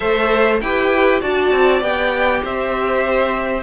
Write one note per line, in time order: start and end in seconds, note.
0.00 0.61 A3
0.00 0.58 A4
0.00 0.61 C5
0.00 0.59 E5
0.60 1.21 E4
0.60 1.21 G4
0.60 1.20 B4
0.60 1.21 G5
1.20 1.51 D4
1.20 1.80 F#4
1.20 2.42 D5
1.20 1.82 A5
1.51 1.81 C4
1.80 2.41 B3
1.80 3.62 G4
1.80 2.44 G5
2.43 3.63 C4
2.43 3.63 C5
2.43 3.63 E5